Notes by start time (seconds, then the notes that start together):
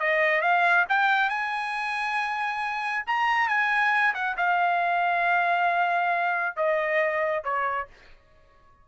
0.00 D#5
0.42 F5
0.89 G5
1.30 G#5
3.07 A#5
3.48 G#5
4.14 F#5
4.37 F5
6.57 D#5
7.44 C#5